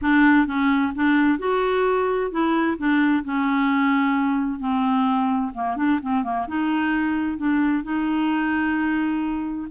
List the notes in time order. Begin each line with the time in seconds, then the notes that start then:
0.01 D4
0.46 C#4
0.95 D4
1.38 F#4
2.31 E4
2.78 D4
3.24 C#4
4.59 C4
5.54 A#3
5.76 D4
6.01 C4
6.23 A#3
6.47 D#4
7.37 D4
7.83 D#4